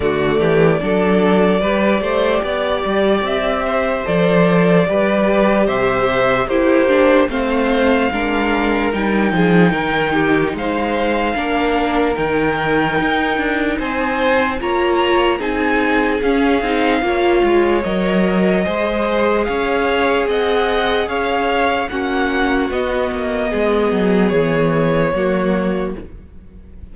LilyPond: <<
  \new Staff \with { instrumentName = "violin" } { \time 4/4 \tempo 4 = 74 d''1 | e''4 d''2 e''4 | c''4 f''2 g''4~ | g''4 f''2 g''4~ |
g''4 gis''4 ais''4 gis''4 | f''2 dis''2 | f''4 fis''4 f''4 fis''4 | dis''2 cis''2 | }
  \new Staff \with { instrumentName = "violin" } { \time 4/4 fis'8 g'8 a'4 b'8 c''8 d''4~ | d''8 c''4. b'4 c''4 | g'4 c''4 ais'4. gis'8 | ais'8 g'8 c''4 ais'2~ |
ais'4 c''4 cis''4 gis'4~ | gis'4 cis''2 c''4 | cis''4 dis''4 cis''4 fis'4~ | fis'4 gis'2 fis'4 | }
  \new Staff \with { instrumentName = "viola" } { \time 4/4 a4 d'4 g'2~ | g'4 a'4 g'2 | e'8 d'8 c'4 d'4 dis'4~ | dis'2 d'4 dis'4~ |
dis'2 f'4 dis'4 | cis'8 dis'8 f'4 ais'4 gis'4~ | gis'2. cis'4 | b2. ais4 | }
  \new Staff \with { instrumentName = "cello" } { \time 4/4 d8 e8 fis4 g8 a8 b8 g8 | c'4 f4 g4 c4 | ais4 a4 gis4 g8 f8 | dis4 gis4 ais4 dis4 |
dis'8 d'8 c'4 ais4 c'4 | cis'8 c'8 ais8 gis8 fis4 gis4 | cis'4 c'4 cis'4 ais4 | b8 ais8 gis8 fis8 e4 fis4 | }
>>